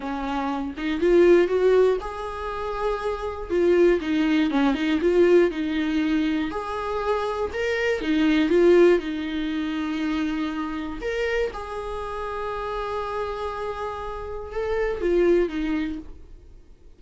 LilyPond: \new Staff \with { instrumentName = "viola" } { \time 4/4 \tempo 4 = 120 cis'4. dis'8 f'4 fis'4 | gis'2. f'4 | dis'4 cis'8 dis'8 f'4 dis'4~ | dis'4 gis'2 ais'4 |
dis'4 f'4 dis'2~ | dis'2 ais'4 gis'4~ | gis'1~ | gis'4 a'4 f'4 dis'4 | }